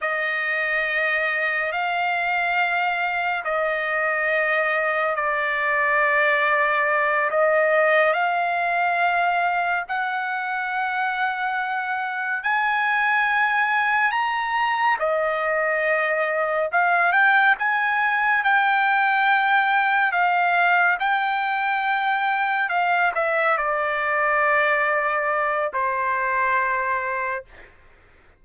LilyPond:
\new Staff \with { instrumentName = "trumpet" } { \time 4/4 \tempo 4 = 70 dis''2 f''2 | dis''2 d''2~ | d''8 dis''4 f''2 fis''8~ | fis''2~ fis''8 gis''4.~ |
gis''8 ais''4 dis''2 f''8 | g''8 gis''4 g''2 f''8~ | f''8 g''2 f''8 e''8 d''8~ | d''2 c''2 | }